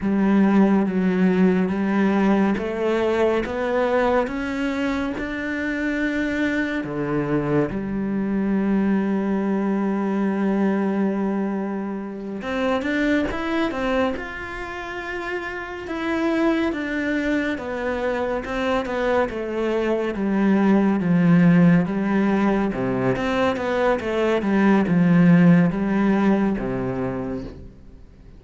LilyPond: \new Staff \with { instrumentName = "cello" } { \time 4/4 \tempo 4 = 70 g4 fis4 g4 a4 | b4 cis'4 d'2 | d4 g2.~ | g2~ g8 c'8 d'8 e'8 |
c'8 f'2 e'4 d'8~ | d'8 b4 c'8 b8 a4 g8~ | g8 f4 g4 c8 c'8 b8 | a8 g8 f4 g4 c4 | }